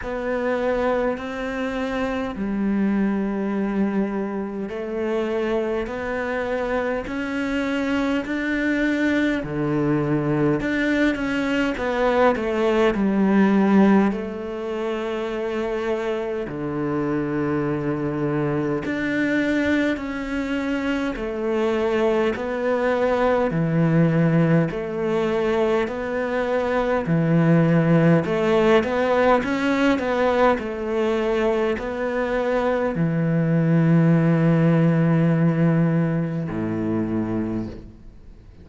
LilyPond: \new Staff \with { instrumentName = "cello" } { \time 4/4 \tempo 4 = 51 b4 c'4 g2 | a4 b4 cis'4 d'4 | d4 d'8 cis'8 b8 a8 g4 | a2 d2 |
d'4 cis'4 a4 b4 | e4 a4 b4 e4 | a8 b8 cis'8 b8 a4 b4 | e2. a,4 | }